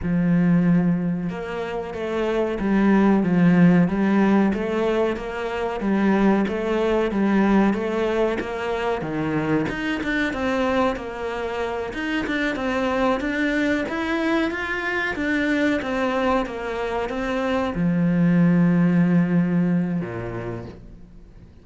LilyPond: \new Staff \with { instrumentName = "cello" } { \time 4/4 \tempo 4 = 93 f2 ais4 a4 | g4 f4 g4 a4 | ais4 g4 a4 g4 | a4 ais4 dis4 dis'8 d'8 |
c'4 ais4. dis'8 d'8 c'8~ | c'8 d'4 e'4 f'4 d'8~ | d'8 c'4 ais4 c'4 f8~ | f2. ais,4 | }